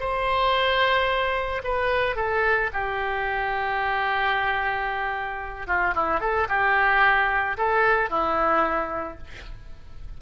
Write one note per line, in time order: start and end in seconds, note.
0.00 1.62 C5
1.64 2.16 B4
2.16 2.70 A4
2.73 5.67 G4
5.67 5.94 F4
5.95 6.21 E4
6.21 6.48 A4
6.49 7.57 G4
7.58 8.10 A4
8.10 9.18 E4